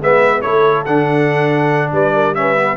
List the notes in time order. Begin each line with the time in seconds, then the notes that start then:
0.00 G#3 B3 B4 E5
0.41 A3 E4 A4 C#5
0.85 D3 D4 F#5
1.92 G3 B4 D5
2.14 A#4
2.34 C#4 B4 E5
2.56 B3